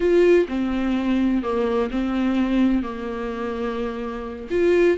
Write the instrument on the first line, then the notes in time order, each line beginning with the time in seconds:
viola
0.00 F4
0.48 C4
1.42 A#3
1.90 C4
2.82 A#3
4.50 F4